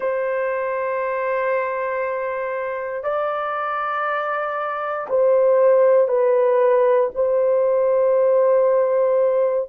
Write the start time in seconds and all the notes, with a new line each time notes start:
0.00 C5
3.03 D5
5.08 C5
6.07 B4
7.14 C5